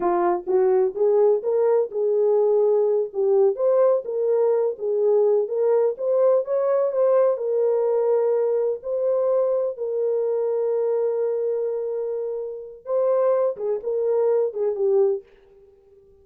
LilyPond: \new Staff \with { instrumentName = "horn" } { \time 4/4 \tempo 4 = 126 f'4 fis'4 gis'4 ais'4 | gis'2~ gis'8 g'4 c''8~ | c''8 ais'4. gis'4. ais'8~ | ais'8 c''4 cis''4 c''4 ais'8~ |
ais'2~ ais'8 c''4.~ | c''8 ais'2.~ ais'8~ | ais'2. c''4~ | c''8 gis'8 ais'4. gis'8 g'4 | }